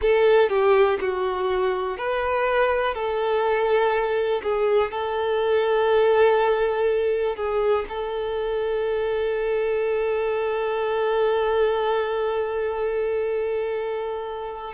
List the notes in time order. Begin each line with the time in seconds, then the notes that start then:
0.01 A4
0.49 G4
1.00 F#4
1.97 B4
2.94 A4
4.42 G#4
4.91 A4
7.35 G#4
7.89 A4